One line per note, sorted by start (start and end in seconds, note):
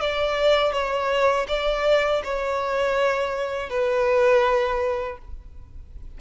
0.00 0.72 D5
0.72 1.46 C#5
1.48 2.22 D5
2.24 3.69 C#5
3.69 5.18 B4